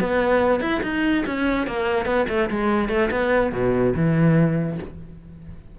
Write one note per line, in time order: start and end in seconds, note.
0.00 0.61 B3
0.61 0.81 E4
0.83 1.24 D#4
1.26 1.67 C#4
1.67 2.06 A#3
2.06 2.26 B3
2.29 2.50 A3
2.50 2.89 G#3
2.89 3.10 A3
3.11 3.52 B3
3.52 3.94 B2
3.96 4.78 E3